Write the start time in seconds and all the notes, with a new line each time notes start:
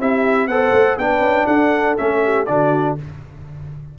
0.00 C4 E4 G4 E5
0.48 B3 A4 C5 F#5
0.73 A3
0.98 B3 D4 B4 G5
1.20 C#4
1.47 D4 A4 F#5
1.97 A3 C#4 E5
2.24 G4
2.46 D3 D4 F#4 D5